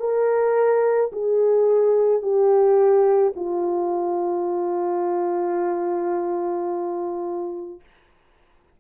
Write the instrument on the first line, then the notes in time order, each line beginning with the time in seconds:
horn
0.00 A#4
1.13 G#4
2.23 G4
3.36 F4